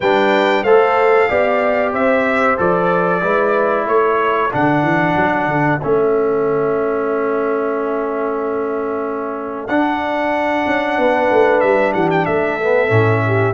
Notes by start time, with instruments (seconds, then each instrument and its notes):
0.00 tuba G3, trombone D4, horn B4, trumpet G5
0.63 tuba A3, trombone A4, horn C5, trumpet F5
1.28 tuba B3, trombone G4, horn D5
1.92 tuba C4, horn C5, trumpet E5
2.57 tuba F3, trombone A4, trumpet D5
3.21 tuba G#3, trombone E4, horn B4
3.85 tuba A3, horn A4, trumpet C#5
4.51 tuba D3, trombone D4, trumpet F#5
4.83 tuba E3
5.15 tuba F#3
5.47 tuba D3
5.81 tuba A3, trombone C#4, trumpet E5
9.67 tuba D4, trombone D4, trumpet F#5
10.66 tuba C#4
10.97 tuba B3, horn B4
11.31 tuba A3
11.60 tuba G3, trumpet E5
11.93 tuba E3, horn G4, trumpet F#5
12.10 trumpet G5
12.25 tuba A3, horn A4, trumpet E5
12.60 trombone B3
12.88 tuba A2, trombone C#4
13.26 horn G4